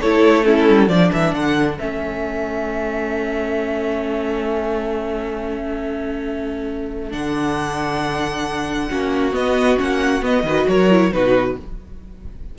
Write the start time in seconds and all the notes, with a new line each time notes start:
0.00 A3 E4 A4 C#5
0.43 C#4 E4 A4
0.69 G3
0.87 F3 D4 A4 D5
1.12 E3 E5
1.33 D3 F#5
1.79 A3 C#4 E5
7.11 D3 D4 F#5
8.90 A#3 C#4 F#4
9.32 B3 D#5
9.76 A#3 C#4 F#5
10.22 B3 D#5
10.43 D#3 F#4 B4
10.68 F#3 A#4 C#5
10.90 E4
11.12 B2 D#4 F#4 B4